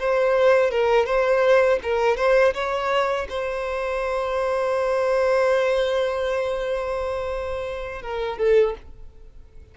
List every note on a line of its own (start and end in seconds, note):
0.00 0.72 C5
0.72 1.06 A#4
1.06 1.80 C5
1.83 2.18 A#4
2.18 2.54 C5
2.54 3.28 C#5
3.30 8.03 C5
8.03 8.38 A#4
8.38 8.75 A4